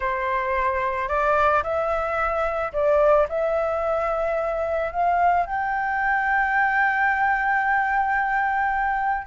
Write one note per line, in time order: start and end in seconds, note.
0.00 1.08 C5
1.08 1.62 D5
1.63 2.72 E5
2.72 3.27 D5
3.28 4.92 E5
4.92 5.45 F5
5.45 9.26 G5